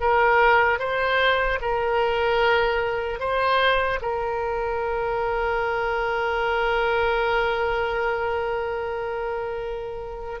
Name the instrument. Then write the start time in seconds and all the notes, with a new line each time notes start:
oboe
0.00 A#4
0.79 C5
1.61 A#4
3.19 C5
4.01 A#4